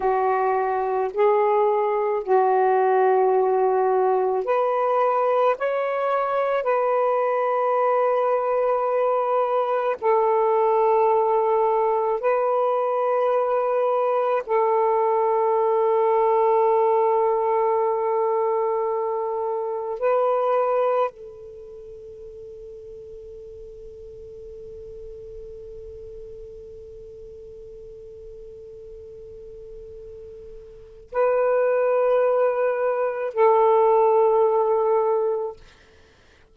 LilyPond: \new Staff \with { instrumentName = "saxophone" } { \time 4/4 \tempo 4 = 54 fis'4 gis'4 fis'2 | b'4 cis''4 b'2~ | b'4 a'2 b'4~ | b'4 a'2.~ |
a'2 b'4 a'4~ | a'1~ | a'1 | b'2 a'2 | }